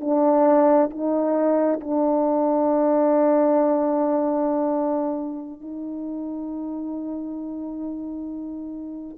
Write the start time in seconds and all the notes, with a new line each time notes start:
0.00 D4
0.90 D#4
1.80 D4
5.61 D#4